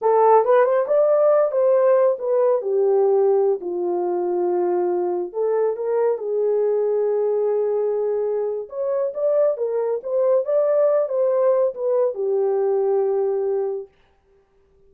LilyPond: \new Staff \with { instrumentName = "horn" } { \time 4/4 \tempo 4 = 138 a'4 b'8 c''8 d''4. c''8~ | c''4 b'4 g'2~ | g'16 f'2.~ f'8.~ | f'16 a'4 ais'4 gis'4.~ gis'16~ |
gis'1 | cis''4 d''4 ais'4 c''4 | d''4. c''4. b'4 | g'1 | }